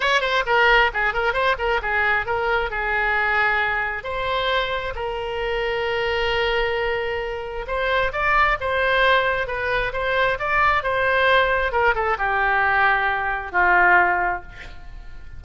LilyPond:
\new Staff \with { instrumentName = "oboe" } { \time 4/4 \tempo 4 = 133 cis''8 c''8 ais'4 gis'8 ais'8 c''8 ais'8 | gis'4 ais'4 gis'2~ | gis'4 c''2 ais'4~ | ais'1~ |
ais'4 c''4 d''4 c''4~ | c''4 b'4 c''4 d''4 | c''2 ais'8 a'8 g'4~ | g'2 f'2 | }